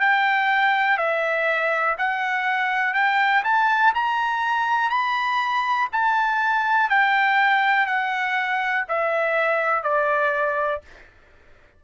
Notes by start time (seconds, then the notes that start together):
0.00 G5
0.98 E5
1.98 F#5
2.94 G5
3.44 A5
3.94 A#5
4.90 B5
5.93 A5
6.89 G5
7.86 F#5
8.88 E5
9.84 D5